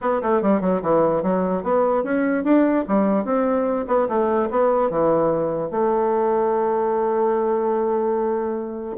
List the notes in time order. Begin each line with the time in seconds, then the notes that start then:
0.01 B3
0.22 A3
0.42 G3
0.60 F#3
0.81 E3
1.22 F#3
1.63 B3
2.03 C#4
2.44 D4
2.87 G3
3.24 C4
3.87 B3
4.08 A3
4.50 B3
4.90 E3
5.70 A3